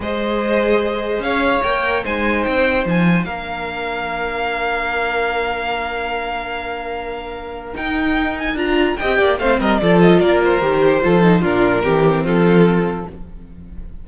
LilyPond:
<<
  \new Staff \with { instrumentName = "violin" } { \time 4/4 \tempo 4 = 147 dis''2. f''4 | g''4 gis''4 g''4 gis''4 | f''1~ | f''1~ |
f''2. g''4~ | g''8 gis''8 ais''4 g''4 f''8 dis''8 | d''8 dis''8 d''8 c''2~ c''8 | ais'2 a'2 | }
  \new Staff \with { instrumentName = "violin" } { \time 4/4 c''2. cis''4~ | cis''4 c''2. | ais'1~ | ais'1~ |
ais'1~ | ais'2 dis''8 d''8 c''8 ais'8 | a'4 ais'2 a'4 | f'4 g'4 f'2 | }
  \new Staff \with { instrumentName = "viola" } { \time 4/4 gis'1 | ais'4 dis'2. | d'1~ | d'1~ |
d'2. dis'4~ | dis'4 f'4 g'4 c'4 | f'2 g'4 f'8 dis'8 | d'4 c'2. | }
  \new Staff \with { instrumentName = "cello" } { \time 4/4 gis2. cis'4 | ais4 gis4 c'4 f4 | ais1~ | ais1~ |
ais2. dis'4~ | dis'4 d'4 c'8 ais8 a8 g8 | f4 ais4 dis4 f4 | ais,4 e4 f2 | }
>>